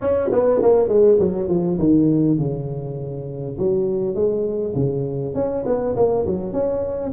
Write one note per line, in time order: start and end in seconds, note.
0.01 0.31 C#4
0.31 0.61 B3
0.62 0.88 A#3
0.88 1.18 G#3
1.19 1.48 F#3
1.48 1.78 F3
1.78 2.38 D#3
2.38 3.57 C#3
3.58 4.14 F#3
4.14 4.74 G#3
4.75 5.34 C#3
5.34 5.64 C#4
5.65 5.95 B3
5.95 6.25 A#3
6.26 6.52 F#3
6.52 7.12 C#4